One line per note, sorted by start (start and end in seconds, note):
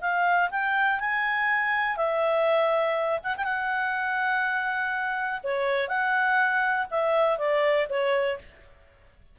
0.00 0.49 F5
0.50 0.99 G5
0.99 1.96 G#5
1.96 3.19 E5
3.23 3.35 F#5
3.36 3.44 G5
3.44 5.40 F#5
5.43 5.88 C#5
5.88 6.86 F#5
6.90 7.38 E5
7.38 7.87 D5
7.89 8.38 C#5